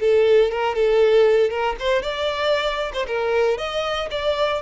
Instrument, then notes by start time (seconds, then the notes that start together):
violin
0.00 A4
0.51 A#4
0.75 A4
1.50 A#4
1.79 C5
2.02 D5
2.93 C5
3.07 A#4
3.58 D#5
4.10 D5